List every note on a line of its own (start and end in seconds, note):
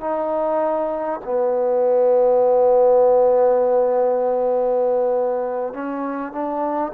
0.00 1.20 D#4
1.24 5.73 B3
5.73 6.32 C#4
6.32 6.92 D4